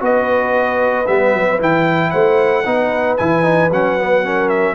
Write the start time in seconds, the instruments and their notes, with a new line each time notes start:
0.00 tuba B3, trombone F#4, horn B4, trumpet D#5
1.07 tuba G3, trombone B3, trumpet E5
1.34 tuba F#3
1.59 tuba E3, trombone E4, trumpet G5
2.11 tuba A3, horn C5, trumpet F#5
2.66 tuba B3, trombone D#4, horn B4
3.17 tuba E3, trombone E4, trumpet G#5
3.43 trombone D#4
3.71 tuba F#3, trombone C#4, trumpet F#5
3.99 trombone B3
4.24 trombone C#4, horn A#4
4.49 trumpet E5